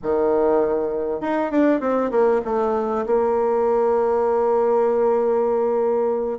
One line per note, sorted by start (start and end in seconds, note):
0.02 1.20 D#3
1.20 1.51 D#4
1.51 1.80 D4
1.80 2.10 C4
2.10 2.41 A#3
2.44 3.05 A3
3.06 6.38 A#3